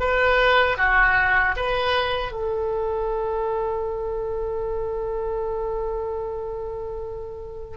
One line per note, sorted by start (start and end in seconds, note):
0.00 0.78 B4
0.78 1.55 F#4
1.57 2.32 B4
2.32 7.77 A4